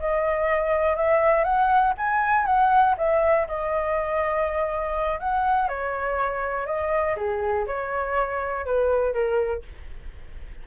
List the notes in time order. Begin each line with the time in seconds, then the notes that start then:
0.00 D#5
0.97 E5
1.44 F#5
1.98 G#5
2.46 F#5
2.98 E5
3.48 D#5
5.20 F#5
5.69 C#5
6.66 D#5
7.17 G#4
7.67 C#5
8.66 B4
9.14 A#4